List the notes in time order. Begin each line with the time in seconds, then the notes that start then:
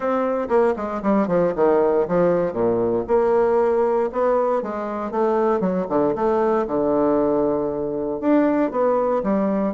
0.00 C4
0.48 A#3
0.76 G#3
1.02 G3
1.27 F3
1.55 D#3
2.08 F3
2.53 A#2
3.07 A#3
4.12 B3
4.62 G#3
5.11 A3
5.60 F#3
5.89 D3
6.15 A3
6.67 D3
8.20 D4
8.71 B3
9.23 G3